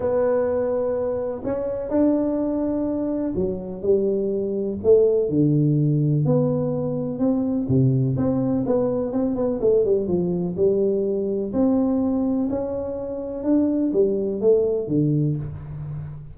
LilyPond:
\new Staff \with { instrumentName = "tuba" } { \time 4/4 \tempo 4 = 125 b2. cis'4 | d'2. fis4 | g2 a4 d4~ | d4 b2 c'4 |
c4 c'4 b4 c'8 b8 | a8 g8 f4 g2 | c'2 cis'2 | d'4 g4 a4 d4 | }